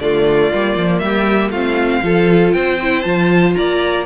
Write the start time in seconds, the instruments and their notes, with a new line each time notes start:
0.00 cello D3, viola A3, violin F4 D5
0.53 cello G3, viola A#3
0.76 cello F3
0.99 cello G3, violin G4 E5
1.50 cello A3, viola C4, violin F4 F5
2.02 cello F3, viola F4, violin A4
2.53 cello C4, violin C5 G5
2.82 viola E4
3.02 cello F3, viola F4, violin A5
3.54 cello A#3, violin D5 A#5